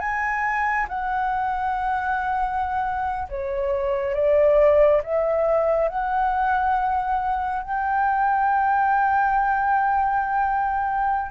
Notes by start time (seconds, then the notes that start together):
0.00 G#5
0.89 F#5
3.29 C#5
4.15 D5
5.04 E5
5.89 F#5
7.63 G5